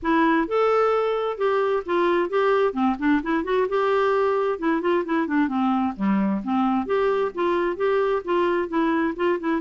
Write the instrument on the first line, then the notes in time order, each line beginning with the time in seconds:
clarinet
0.02 E4
0.47 A4
1.37 G4
1.85 F4
2.29 G4
2.73 C4
2.98 D4
3.22 E4
3.44 F#4
3.68 G4
4.59 E4
4.81 F4
5.05 E4
5.27 D4
5.48 C4
5.96 G3
6.43 C4
6.86 G4
7.34 F4
7.76 G4
8.24 F4
8.68 E4
9.16 F4
9.39 E4